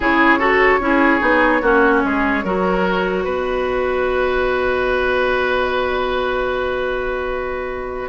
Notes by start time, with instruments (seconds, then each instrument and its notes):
0.00 bassoon C#3, clarinet E4, oboe G#4, flute C#5
0.38 clarinet F#4, oboe A4
0.79 bassoon C#4, clarinet E4
0.85 oboe G#4
1.20 bassoon B3, clarinet D#4
1.61 bassoon A#3, clarinet C#4, oboe F#4
2.03 bassoon G#3, oboe G#4
2.43 bassoon F#3, clarinet F#4, oboe A#4
3.23 bassoon B3, oboe B4, flute D#5